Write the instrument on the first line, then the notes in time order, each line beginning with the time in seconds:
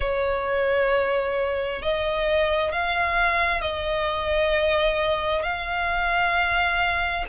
violin
0.00 C#5
1.82 D#5
2.71 F5
3.61 D#5
5.43 F5